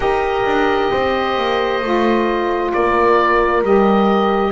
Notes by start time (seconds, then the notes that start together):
0.00 D#4 G4 A#4 D#5
0.45 D4
0.90 C4 C5
1.37 A#3
1.81 A3 F4
2.72 A#3 A#4 D5
3.62 G3 G4 D#5